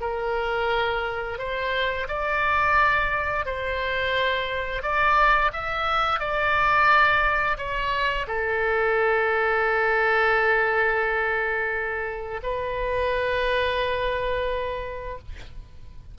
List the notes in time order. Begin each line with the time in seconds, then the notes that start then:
0.00 A#4
1.38 C5
2.08 D5
3.45 C5
4.82 D5
5.52 E5
6.19 D5
7.57 C#5
8.27 A4
12.42 B4